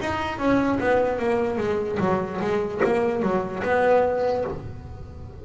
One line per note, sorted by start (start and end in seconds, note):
0.00 0.38 D#4
0.38 0.79 C#4
0.80 1.19 B3
1.19 1.58 A#3
1.58 1.98 G#3
1.99 2.40 F#3
2.41 2.81 G#3
2.84 3.22 A#3
3.22 3.63 F#3
3.63 4.44 B3